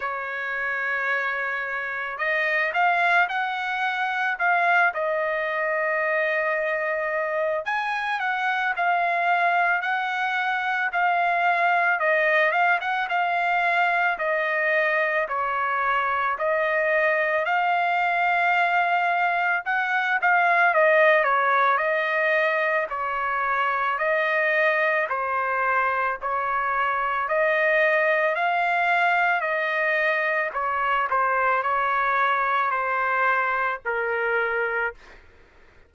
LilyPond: \new Staff \with { instrumentName = "trumpet" } { \time 4/4 \tempo 4 = 55 cis''2 dis''8 f''8 fis''4 | f''8 dis''2~ dis''8 gis''8 fis''8 | f''4 fis''4 f''4 dis''8 f''16 fis''16 | f''4 dis''4 cis''4 dis''4 |
f''2 fis''8 f''8 dis''8 cis''8 | dis''4 cis''4 dis''4 c''4 | cis''4 dis''4 f''4 dis''4 | cis''8 c''8 cis''4 c''4 ais'4 | }